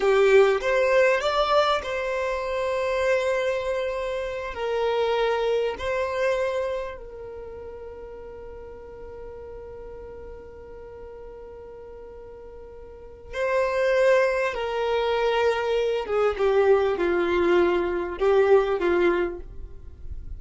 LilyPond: \new Staff \with { instrumentName = "violin" } { \time 4/4 \tempo 4 = 99 g'4 c''4 d''4 c''4~ | c''2.~ c''8 ais'8~ | ais'4. c''2 ais'8~ | ais'1~ |
ais'1~ | ais'2 c''2 | ais'2~ ais'8 gis'8 g'4 | f'2 g'4 f'4 | }